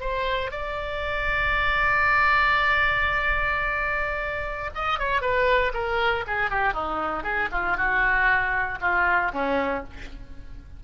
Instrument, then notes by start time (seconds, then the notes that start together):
oboe
0.00 C5
0.51 D5
4.74 D#5
4.99 C#5
5.21 B4
5.74 A#4
6.27 G#4
6.50 G4
6.73 D#4
7.23 G#4
7.52 F4
7.77 F#4
8.81 F4
9.33 C#4